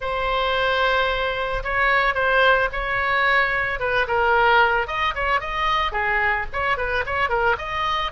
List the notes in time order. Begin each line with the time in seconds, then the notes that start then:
0.00 C5
1.63 C#5
2.14 C5
2.72 C#5
3.79 B4
4.07 A#4
4.87 D#5
5.14 C#5
5.40 D#5
5.92 G#4
6.52 C#5
6.77 B4
7.05 C#5
7.29 A#4
7.57 D#5